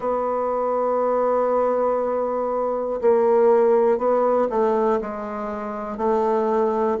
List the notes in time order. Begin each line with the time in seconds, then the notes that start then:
0.00 B3
3.00 A#3
3.98 B3
4.50 A3
5.00 G#3
5.97 A3